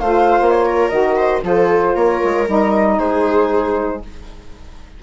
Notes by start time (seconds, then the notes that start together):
0.00 A3 F4 C5 F5
0.41 A#3
0.51 C#5
0.66 A#4
0.90 D#3 F#4 D#5
1.16 C5
1.42 F3 F4 A4 C5
1.95 A#3 A#4 C#5
2.24 G#3
2.47 G3 D#4 D#5
2.99 G#3 G#4 C5